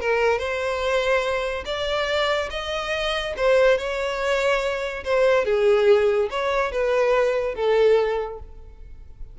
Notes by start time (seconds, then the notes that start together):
0.00 A#4
0.39 C5
1.65 D5
2.50 D#5
3.37 C5
3.78 C#5
5.04 C5
5.45 G#4
6.30 C#5
6.72 B4
7.55 A4